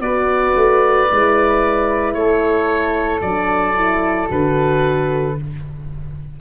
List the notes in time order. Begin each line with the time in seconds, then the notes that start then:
0.00 B3 F#4 B4 D5
0.55 A3
1.10 G#3 E4
2.14 A3 A4 C#5
3.21 F#3 D4 D5
3.75 E4
4.28 D3 F#4 B4